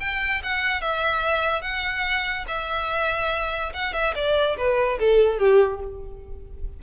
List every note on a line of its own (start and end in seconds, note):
0.00 0.42 G5
0.43 0.81 F#5
0.81 1.62 E5
1.62 2.45 F#5
2.48 3.73 E5
3.74 3.93 F#5
3.93 4.14 E5
4.15 4.57 D5
4.57 4.99 B4
4.99 5.38 A4
5.38 5.80 G4